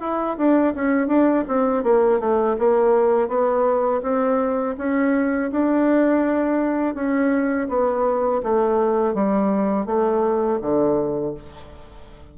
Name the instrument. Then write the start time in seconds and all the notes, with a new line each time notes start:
bassoon
0.00 E4
0.37 D4
0.75 C#4
1.07 D4
1.48 C4
1.83 A#3
2.20 A3
2.58 A#3
3.28 B3
4.02 C4
4.78 C#4
5.51 D4
6.95 C#4
7.69 B3
8.43 A3
9.14 G3
9.86 A3
10.62 D3